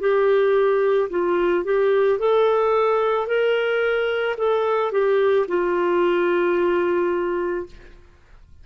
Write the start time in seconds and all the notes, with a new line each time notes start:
0.00 G4
1.10 F4
1.65 G4
2.19 A4
3.27 A#4
4.37 A4
4.92 G4
5.48 F4